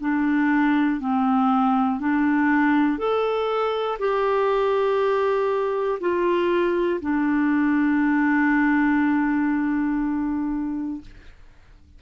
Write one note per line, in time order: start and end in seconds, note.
0.00 1.00 D4
1.00 2.00 C4
2.00 2.98 D4
2.98 3.98 A4
3.99 5.99 G4
6.00 7.00 F4
7.01 11.01 D4